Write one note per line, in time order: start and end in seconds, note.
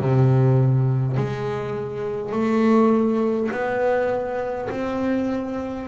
0.00 1.17 C3
1.17 2.32 G#3
2.32 3.50 A3
3.51 4.69 B3
4.70 5.88 C4